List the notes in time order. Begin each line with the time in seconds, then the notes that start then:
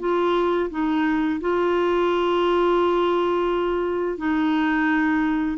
0.00 F4
0.70 D#4
1.41 F4
4.18 D#4